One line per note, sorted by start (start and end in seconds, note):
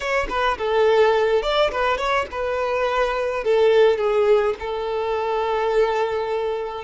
0.00 0.27 C#5
0.29 0.57 B4
0.58 1.42 A4
1.42 1.70 D5
1.71 1.97 B4
1.97 2.26 C#5
2.31 3.43 B4
3.43 3.97 A4
3.97 4.54 G#4
4.59 6.84 A4